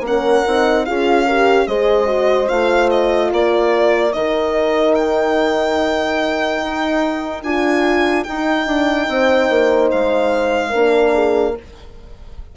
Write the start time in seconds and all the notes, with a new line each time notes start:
0.00 A#3 C#4 A#4
0.07 F#5
0.46 C4 D#4
0.85 C#4 F4 G#4 F5
1.25 G4 A#4
1.67 G#3 G#4 C5 D#5
2.06 F#4
2.48 A3 F4 F5
2.90 D#5
3.31 A#3 A#4 D5
4.13 D#3 D#4 D#5
4.95 G5
6.62 D#4
7.43 D4 F4 G#5
8.24 D#4 G5
8.66 D4
9.08 C4 C5
9.50 A#3
9.91 G#3 F5
10.70 A#3 D4 A#4
11.14 G#4